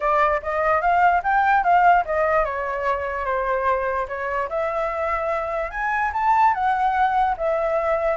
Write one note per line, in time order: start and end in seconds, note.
0.00 0.41 D5
0.42 0.81 D#5
0.81 1.22 F5
1.23 1.63 G5
1.63 2.04 F5
2.05 2.44 D#5
2.44 3.25 C#5
3.25 4.06 C5
4.08 4.48 C#5
4.49 5.70 E5
5.70 6.11 G#5
6.13 6.54 A5
6.54 7.35 F#5
7.37 8.17 E5